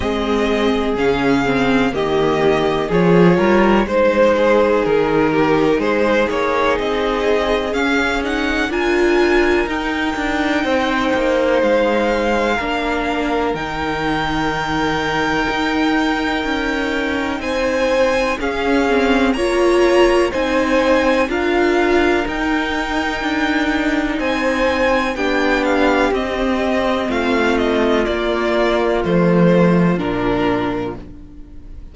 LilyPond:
<<
  \new Staff \with { instrumentName = "violin" } { \time 4/4 \tempo 4 = 62 dis''4 f''4 dis''4 cis''4 | c''4 ais'4 c''8 cis''8 dis''4 | f''8 fis''8 gis''4 g''2 | f''2 g''2~ |
g''2 gis''4 f''4 | ais''4 gis''4 f''4 g''4~ | g''4 gis''4 g''8 f''8 dis''4 | f''8 dis''8 d''4 c''4 ais'4 | }
  \new Staff \with { instrumentName = "violin" } { \time 4/4 gis'2 g'4 gis'8 ais'8 | c''8 gis'4 g'8 gis'2~ | gis'4 ais'2 c''4~ | c''4 ais'2.~ |
ais'2 c''4 gis'4 | cis''4 c''4 ais'2~ | ais'4 c''4 g'2 | f'1 | }
  \new Staff \with { instrumentName = "viola" } { \time 4/4 c'4 cis'8 c'8 ais4 f'4 | dis'1 | cis'8 dis'8 f'4 dis'2~ | dis'4 d'4 dis'2~ |
dis'2. cis'8 c'8 | f'4 dis'4 f'4 dis'4~ | dis'2 d'4 c'4~ | c'4 ais4 a4 d'4 | }
  \new Staff \with { instrumentName = "cello" } { \time 4/4 gis4 cis4 dis4 f8 g8 | gis4 dis4 gis8 ais8 c'4 | cis'4 d'4 dis'8 d'8 c'8 ais8 | gis4 ais4 dis2 |
dis'4 cis'4 c'4 cis'4 | ais4 c'4 d'4 dis'4 | d'4 c'4 b4 c'4 | a4 ais4 f4 ais,4 | }
>>